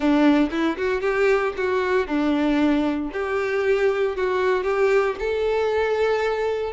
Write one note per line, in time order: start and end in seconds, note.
0.00 0.49 D4
0.50 0.76 E4
0.77 1.01 F#4
1.01 1.53 G4
1.56 2.07 F#4
2.07 3.10 D4
3.12 4.16 G4
4.16 4.63 F#4
4.63 5.15 G4
5.19 6.72 A4